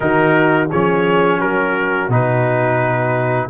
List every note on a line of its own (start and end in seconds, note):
0.00 0.70 D#3
0.00 0.69 D#4
0.00 0.68 F#4
0.00 0.69 A#4
0.68 1.41 F3
0.68 2.10 C#4
0.68 1.38 G#4
0.68 1.40 C#5
1.38 2.08 F#3
1.38 3.47 F#4
1.38 2.10 A#4
2.08 3.48 B2
2.08 3.49 D#4
2.08 3.49 B4